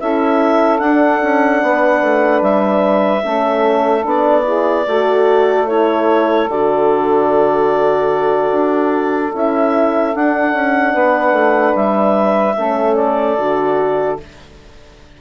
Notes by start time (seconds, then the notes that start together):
0.00 C#4 E4 A4 E5
0.79 D4 F#5
1.23 C#4
1.62 B3 B4
2.03 A3
2.42 G3 E5
3.23 A3 C#4 A4
4.03 B3 D4 D5
4.44 E4 G#4
4.87 A3 F#4 A4
5.67 E4 C#5
6.50 D3 F#4 D5
8.52 D4
9.34 C#4 E4 E5
10.15 D4 F#5
10.54 C#4
10.94 B3 B4
11.33 A3
11.76 G3 E5
12.58 A3 C#4 A4
12.95 D5
13.39 D3 F#4